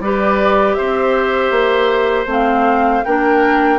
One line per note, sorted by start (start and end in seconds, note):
0.00 0.76 G3
0.00 2.27 G4
0.00 0.78 B4
0.00 0.74 D5
0.74 1.51 C4
0.74 3.05 C5
0.74 2.26 E5
1.51 2.26 A#3
2.26 3.02 A3
2.26 3.03 C4
2.26 3.05 F5
3.05 3.79 A#3
3.05 3.79 D4
3.05 3.79 A#4
3.05 3.79 G5